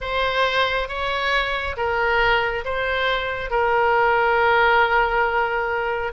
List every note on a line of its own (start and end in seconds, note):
0.00 0.88 C5
0.88 1.76 C#5
1.76 2.64 A#4
2.64 3.50 C5
3.50 6.12 A#4